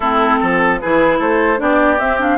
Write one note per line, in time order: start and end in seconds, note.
0.00 0.40 A3
0.00 0.82 C4
0.00 0.39 E4
0.00 0.78 A4
0.40 0.81 F3
0.40 0.80 A4
0.80 1.19 E3
0.80 1.57 E4
0.80 1.18 G#4
0.80 1.20 B4
1.18 1.59 A3
1.18 1.58 A4
1.18 1.59 C5
1.57 1.99 B3
1.57 1.97 D4
1.57 2.38 G4
1.57 1.99 D5
1.99 2.38 C4
1.99 2.19 C4
1.99 2.19 E5
2.19 2.38 D4
2.19 2.38 F5